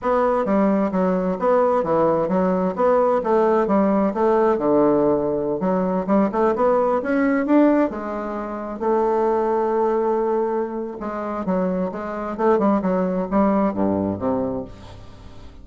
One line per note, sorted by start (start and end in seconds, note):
0.01 0.45 B3
0.45 0.90 G3
0.91 1.37 F#3
1.39 1.83 B3
1.83 2.28 E3
2.28 2.74 F#3
2.75 3.21 B3
3.23 3.67 A3
3.67 4.13 G3
4.14 4.58 A3
4.58 5.60 D3
5.60 6.05 F#3
6.06 6.29 G3
6.32 6.55 A3
6.55 7.01 B3
7.02 7.46 C#4
7.46 7.90 D4
7.90 8.79 G#3
8.79 10.97 A3
10.99 11.45 G#3
11.45 11.91 F#3
11.91 12.37 G#3
12.37 12.58 A3
12.58 12.81 G3
12.82 13.27 F#3
13.31 13.73 G3
13.73 14.18 G2
14.18 14.64 C3